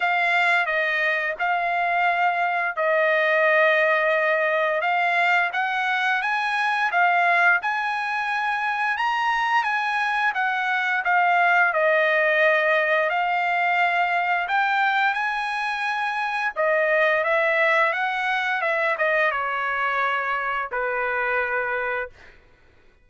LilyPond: \new Staff \with { instrumentName = "trumpet" } { \time 4/4 \tempo 4 = 87 f''4 dis''4 f''2 | dis''2. f''4 | fis''4 gis''4 f''4 gis''4~ | gis''4 ais''4 gis''4 fis''4 |
f''4 dis''2 f''4~ | f''4 g''4 gis''2 | dis''4 e''4 fis''4 e''8 dis''8 | cis''2 b'2 | }